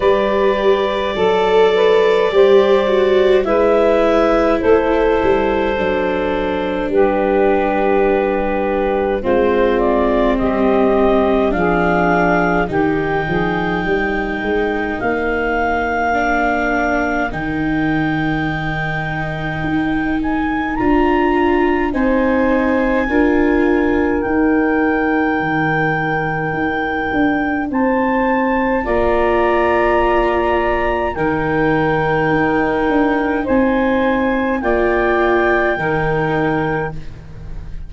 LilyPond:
<<
  \new Staff \with { instrumentName = "clarinet" } { \time 4/4 \tempo 4 = 52 d''2. e''4 | c''2 b'2 | c''8 d''8 dis''4 f''4 g''4~ | g''4 f''2 g''4~ |
g''4. gis''8 ais''4 gis''4~ | gis''4 g''2. | a''4 ais''2 g''4~ | g''4 gis''4 g''2 | }
  \new Staff \with { instrumentName = "saxophone" } { \time 4/4 b'4 a'8 b'8 c''4 b'4 | a'2 g'2 | f'4 g'4 gis'4 g'8 gis'8 | ais'1~ |
ais'2. c''4 | ais'1 | c''4 d''2 ais'4~ | ais'4 c''4 d''4 ais'4 | }
  \new Staff \with { instrumentName = "viola" } { \time 4/4 g'4 a'4 g'8 fis'8 e'4~ | e'4 d'2. | c'2 d'4 dis'4~ | dis'2 d'4 dis'4~ |
dis'2 f'4 dis'4 | f'4 dis'2.~ | dis'4 f'2 dis'4~ | dis'2 f'4 dis'4 | }
  \new Staff \with { instrumentName = "tuba" } { \time 4/4 g4 fis4 g4 gis4 | a8 g8 fis4 g2 | gis4 g4 f4 dis8 f8 | g8 gis8 ais2 dis4~ |
dis4 dis'4 d'4 c'4 | d'4 dis'4 dis4 dis'8 d'8 | c'4 ais2 dis4 | dis'8 d'8 c'4 ais4 dis4 | }
>>